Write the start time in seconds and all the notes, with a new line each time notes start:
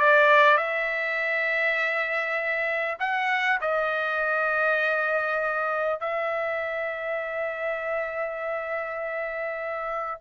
0.00 D5
0.58 E5
2.99 F#5
3.61 D#5
6.00 E5